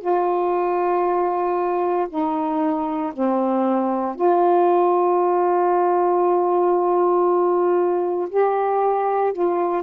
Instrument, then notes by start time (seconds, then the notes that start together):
saxophone
0.00 F4
2.09 D#4
3.13 C4
4.15 F4
8.29 G4
9.32 F4